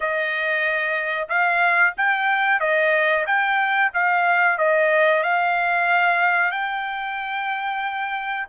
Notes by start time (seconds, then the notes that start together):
0.00 D#5
1.28 F5
1.97 G5
2.59 D#5
3.26 G5
3.93 F5
4.57 D#5
5.23 F5
6.51 G5